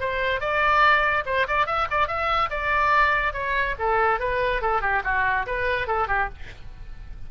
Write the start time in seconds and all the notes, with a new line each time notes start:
0.00 C5
0.40 D5
1.26 C5
1.48 D5
1.67 E5
1.91 D5
2.08 E5
2.50 D5
3.33 C#5
3.79 A4
4.20 B4
4.62 A4
4.81 G4
5.04 F#4
5.47 B4
5.87 A4
6.08 G4